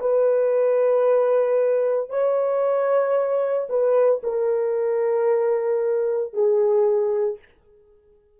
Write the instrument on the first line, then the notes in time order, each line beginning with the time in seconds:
horn
0.00 B4
2.10 C#5
3.69 B4
4.23 A#4
6.33 G#4